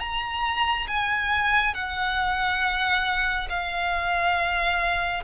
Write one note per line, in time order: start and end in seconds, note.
0.00 0.87 A#5
0.88 1.75 G#5
1.75 3.49 F#5
3.50 5.24 F5